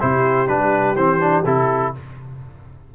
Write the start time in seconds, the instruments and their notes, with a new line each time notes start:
0.00 tuba C3, trombone E4, horn G4, trumpet C5
0.48 tuba G3, trombone D4, trumpet B4
0.96 tuba E3, trombone C4, trumpet C5
1.20 trombone D4
1.45 tuba C3, trombone E4, trumpet A4